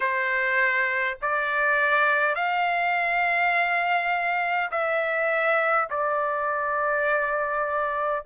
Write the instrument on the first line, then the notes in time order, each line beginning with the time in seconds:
trumpet
0.00 C5
1.21 D5
2.35 F5
4.71 E5
5.89 D5